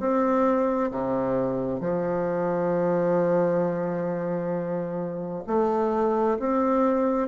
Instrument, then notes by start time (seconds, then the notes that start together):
bassoon
0.00 C4
0.92 C3
1.81 F3
5.47 A3
6.40 C4